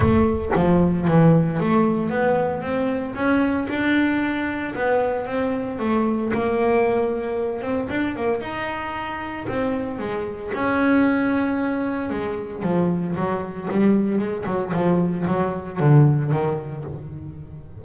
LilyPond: \new Staff \with { instrumentName = "double bass" } { \time 4/4 \tempo 4 = 114 a4 f4 e4 a4 | b4 c'4 cis'4 d'4~ | d'4 b4 c'4 a4 | ais2~ ais8 c'8 d'8 ais8 |
dis'2 c'4 gis4 | cis'2. gis4 | f4 fis4 g4 gis8 fis8 | f4 fis4 d4 dis4 | }